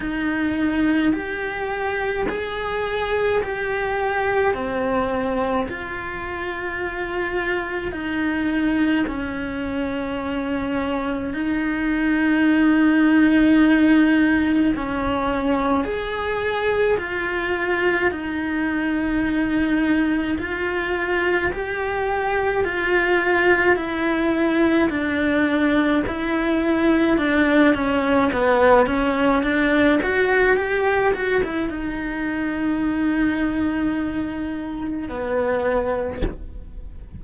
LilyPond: \new Staff \with { instrumentName = "cello" } { \time 4/4 \tempo 4 = 53 dis'4 g'4 gis'4 g'4 | c'4 f'2 dis'4 | cis'2 dis'2~ | dis'4 cis'4 gis'4 f'4 |
dis'2 f'4 g'4 | f'4 e'4 d'4 e'4 | d'8 cis'8 b8 cis'8 d'8 fis'8 g'8 fis'16 e'16 | dis'2. b4 | }